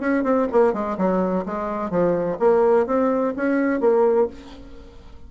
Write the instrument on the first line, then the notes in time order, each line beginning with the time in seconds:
bassoon
0.00 C#4
0.24 C4
0.52 A#3
0.74 G#3
0.98 F#3
1.46 G#3
1.90 F3
2.39 A#3
2.87 C4
3.37 C#4
3.81 A#3